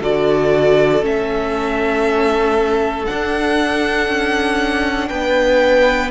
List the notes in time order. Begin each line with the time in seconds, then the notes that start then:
0.00 D3 F#4 A4 D5
1.02 A3 C#4 E5
3.05 D4 F#5
4.08 C#4
5.08 B3 B4 G5